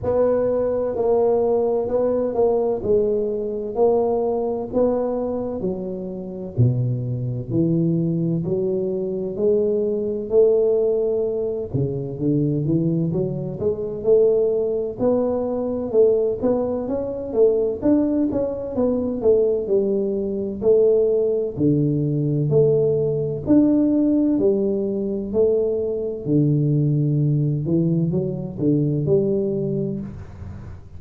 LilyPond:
\new Staff \with { instrumentName = "tuba" } { \time 4/4 \tempo 4 = 64 b4 ais4 b8 ais8 gis4 | ais4 b4 fis4 b,4 | e4 fis4 gis4 a4~ | a8 cis8 d8 e8 fis8 gis8 a4 |
b4 a8 b8 cis'8 a8 d'8 cis'8 | b8 a8 g4 a4 d4 | a4 d'4 g4 a4 | d4. e8 fis8 d8 g4 | }